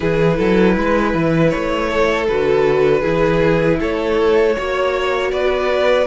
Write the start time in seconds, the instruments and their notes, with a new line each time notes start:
0.00 cello E3, viola E4, violin G#4 B4
0.37 cello F#3, violin A4
0.76 cello G#3, violin B4
1.14 cello E3
1.50 cello A3, violin C#5
1.90 violin A4
2.27 cello D3, viola F#4, violin B4
3.00 cello E3, viola E4, violin G#4
3.79 cello A3, violin A4 C#5
4.55 cello A#3, viola F#4, violin C#5
5.31 cello B3, violin B4 D5